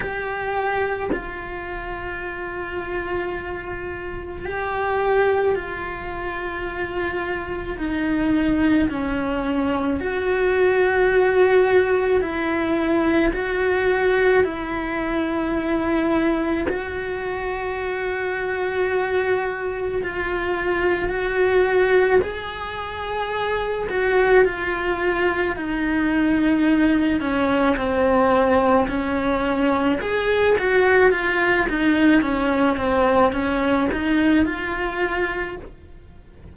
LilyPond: \new Staff \with { instrumentName = "cello" } { \time 4/4 \tempo 4 = 54 g'4 f'2. | g'4 f'2 dis'4 | cis'4 fis'2 e'4 | fis'4 e'2 fis'4~ |
fis'2 f'4 fis'4 | gis'4. fis'8 f'4 dis'4~ | dis'8 cis'8 c'4 cis'4 gis'8 fis'8 | f'8 dis'8 cis'8 c'8 cis'8 dis'8 f'4 | }